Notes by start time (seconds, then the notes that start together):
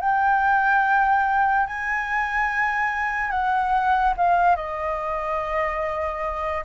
0.00 G5
1.66 G#5
3.30 F#5
4.17 F5
4.56 D#5